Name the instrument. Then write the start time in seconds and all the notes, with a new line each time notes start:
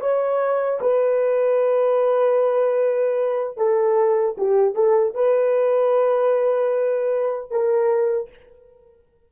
horn
0.00 C#5
0.80 B4
3.57 A4
4.37 G4
4.75 A4
5.14 B4
7.51 A#4